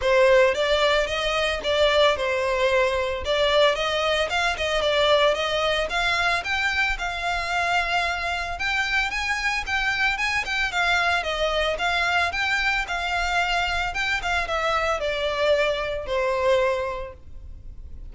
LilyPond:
\new Staff \with { instrumentName = "violin" } { \time 4/4 \tempo 4 = 112 c''4 d''4 dis''4 d''4 | c''2 d''4 dis''4 | f''8 dis''8 d''4 dis''4 f''4 | g''4 f''2. |
g''4 gis''4 g''4 gis''8 g''8 | f''4 dis''4 f''4 g''4 | f''2 g''8 f''8 e''4 | d''2 c''2 | }